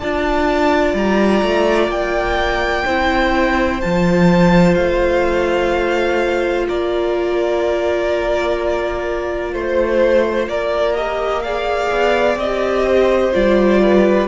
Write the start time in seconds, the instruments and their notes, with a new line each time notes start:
0.00 cello D4, viola F4, violin D5 A5
0.94 cello G3, violin A#5
1.43 cello A3
1.88 cello A#3, violin G5
2.85 cello C4, viola E4, violin C5
3.81 cello F3, viola F4, violin A5
4.75 cello A3, violin F5
6.68 cello A#3, violin A#4 D5
9.53 cello A3, violin C5
10.48 cello A#3, violin A#4 D5
10.96 viola G4, violin D#5
11.42 viola G#4, violin D5 F5
11.91 cello B3
12.36 cello C4, violin D#5
12.43 viola G4
12.87 violin C5
13.33 cello G3, viola F4, violin D5
13.83 violin B4